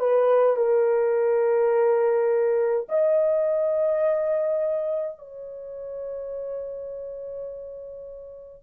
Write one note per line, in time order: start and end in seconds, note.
0.00 0.57 B4
0.57 2.87 A#4
2.90 5.19 D#5
5.19 8.63 C#5